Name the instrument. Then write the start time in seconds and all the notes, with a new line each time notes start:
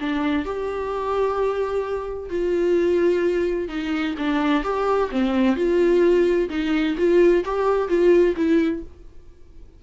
viola
0.00 D4
0.45 G4
2.30 F4
3.68 D#4
4.18 D4
4.64 G4
5.11 C4
5.56 F4
6.49 D#4
6.97 F4
7.45 G4
7.89 F4
8.36 E4